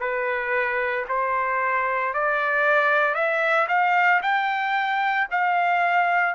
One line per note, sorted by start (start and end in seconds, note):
0.00 1.05 B4
1.08 2.13 C5
2.13 3.14 D5
3.14 3.67 E5
3.68 4.21 F5
4.22 5.27 G5
5.31 6.34 F5